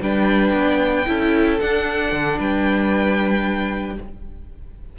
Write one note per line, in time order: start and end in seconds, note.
0.00 0.53 G3
0.00 1.06 D4
0.00 1.08 B4
0.00 1.59 G5
0.53 1.05 B3
1.06 1.60 C#4
1.06 1.59 E4
1.06 2.38 A4
1.59 3.97 D4
1.59 2.12 D4
1.59 2.38 F#5
2.12 2.38 D3
2.38 3.97 G3
2.38 3.96 B4
2.38 3.98 G5